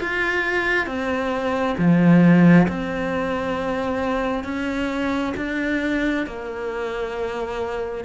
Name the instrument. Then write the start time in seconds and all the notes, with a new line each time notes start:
cello
0.00 F4
0.86 C4
1.78 F3
2.68 C4
4.44 C#4
5.36 D4
6.26 A#3